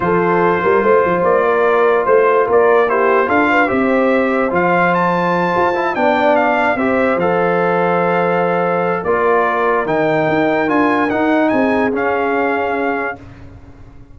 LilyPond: <<
  \new Staff \with { instrumentName = "trumpet" } { \time 4/4 \tempo 4 = 146 c''2. d''4~ | d''4 c''4 d''4 c''4 | f''4 e''2 f''4 | a''2~ a''8 g''4 f''8~ |
f''8 e''4 f''2~ f''8~ | f''2 d''2 | g''2 gis''4 fis''4 | gis''4 f''2. | }
  \new Staff \with { instrumentName = "horn" } { \time 4/4 a'4. ais'8 c''4. ais'8~ | ais'4 c''4 ais'4 g'4 | a'8 b'8 c''2.~ | c''2~ c''8 d''4.~ |
d''8 c''2.~ c''8~ | c''2 ais'2~ | ais'1 | gis'1 | }
  \new Staff \with { instrumentName = "trombone" } { \time 4/4 f'1~ | f'2. e'4 | f'4 g'2 f'4~ | f'2 e'8 d'4.~ |
d'8 g'4 a'2~ a'8~ | a'2 f'2 | dis'2 f'4 dis'4~ | dis'4 cis'2. | }
  \new Staff \with { instrumentName = "tuba" } { \time 4/4 f4. g8 a8 f8 ais4~ | ais4 a4 ais2 | d'4 c'2 f4~ | f4. f'4 b4.~ |
b8 c'4 f2~ f8~ | f2 ais2 | dis4 dis'4 d'4 dis'4 | c'4 cis'2. | }
>>